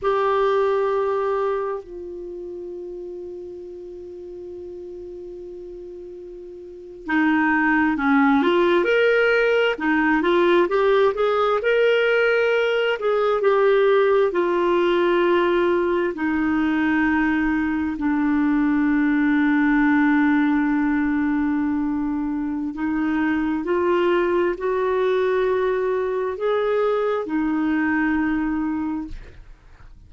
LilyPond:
\new Staff \with { instrumentName = "clarinet" } { \time 4/4 \tempo 4 = 66 g'2 f'2~ | f'2.~ f'8. dis'16~ | dis'8. cis'8 f'8 ais'4 dis'8 f'8 g'16~ | g'16 gis'8 ais'4. gis'8 g'4 f'16~ |
f'4.~ f'16 dis'2 d'16~ | d'1~ | d'4 dis'4 f'4 fis'4~ | fis'4 gis'4 dis'2 | }